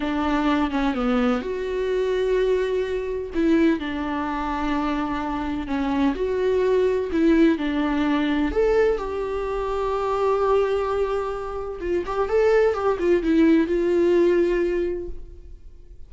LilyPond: \new Staff \with { instrumentName = "viola" } { \time 4/4 \tempo 4 = 127 d'4. cis'8 b4 fis'4~ | fis'2. e'4 | d'1 | cis'4 fis'2 e'4 |
d'2 a'4 g'4~ | g'1~ | g'4 f'8 g'8 a'4 g'8 f'8 | e'4 f'2. | }